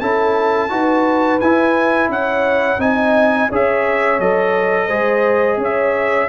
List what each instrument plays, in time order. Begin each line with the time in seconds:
0.00 tuba C#4, trombone E4, horn A4, trumpet A5
0.69 tuba D#4, trombone F#4, horn B4
1.40 tuba E4, trombone E4, trumpet G#5
2.08 tuba C#4, horn C#5, trumpet F#5
2.79 tuba C4, trombone D#4, horn D#5, trumpet G#5
3.49 tuba C#4, trombone G#4, horn C#5, trumpet E5
4.19 tuba F#3, trombone A4, trumpet D#5
4.87 tuba G#3, trombone G#4, horn C5
5.57 tuba C#4, horn C#5
5.64 trumpet E5